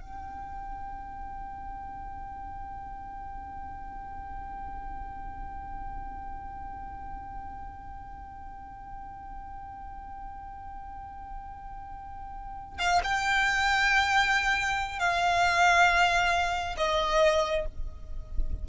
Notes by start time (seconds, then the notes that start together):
0.00 G5
12.79 F5
13.03 G5
14.99 F5
16.77 D#5